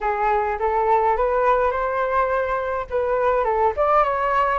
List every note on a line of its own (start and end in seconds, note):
0.00 0.58 G#4
0.59 1.16 A4
1.16 1.71 B4
1.71 2.86 C5
2.90 3.44 B4
3.44 3.73 A4
3.76 4.03 D5
4.03 4.59 C#5